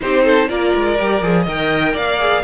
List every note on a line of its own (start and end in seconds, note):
0.01 0.48 C4
0.01 0.48 D#4
0.01 0.24 G4
0.01 0.48 C5
0.24 0.48 A4
0.48 0.73 A#3
0.48 0.97 F4
0.48 1.42 A#4
0.48 1.46 D5
0.75 0.99 G#3
0.98 1.22 G3
0.98 1.22 G4
1.22 1.46 F3
1.22 1.47 G#4
1.42 1.95 D#3
1.42 2.19 A#4
1.42 1.91 D#5
1.48 1.96 G5
1.93 2.44 A#3
1.93 2.42 D5
1.93 2.44 F5
2.19 2.43 G#4